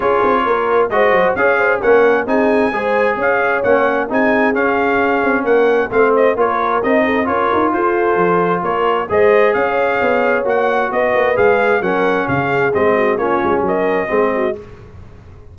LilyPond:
<<
  \new Staff \with { instrumentName = "trumpet" } { \time 4/4 \tempo 4 = 132 cis''2 dis''4 f''4 | fis''4 gis''2 f''4 | fis''4 gis''4 f''2 | fis''4 f''8 dis''8 cis''4 dis''4 |
cis''4 c''2 cis''4 | dis''4 f''2 fis''4 | dis''4 f''4 fis''4 f''4 | dis''4 cis''4 dis''2 | }
  \new Staff \with { instrumentName = "horn" } { \time 4/4 gis'4 ais'4 c''4 cis''8 c''8 | ais'4 gis'4 c''4 cis''4~ | cis''4 gis'2. | ais'4 c''4 ais'4. a'8 |
ais'4 a'2 ais'4 | c''4 cis''2. | b'2 ais'4 gis'4~ | gis'8 fis'8 f'4 ais'4 gis'8 fis'8 | }
  \new Staff \with { instrumentName = "trombone" } { \time 4/4 f'2 fis'4 gis'4 | cis'4 dis'4 gis'2 | cis'4 dis'4 cis'2~ | cis'4 c'4 f'4 dis'4 |
f'1 | gis'2. fis'4~ | fis'4 gis'4 cis'2 | c'4 cis'2 c'4 | }
  \new Staff \with { instrumentName = "tuba" } { \time 4/4 cis'8 c'8 ais4 gis8 fis8 cis'4 | ais4 c'4 gis4 cis'4 | ais4 c'4 cis'4. c'8 | ais4 a4 ais4 c'4 |
cis'8 dis'8 f'4 f4 ais4 | gis4 cis'4 b4 ais4 | b8 ais8 gis4 fis4 cis4 | gis4 ais8 gis8 fis4 gis4 | }
>>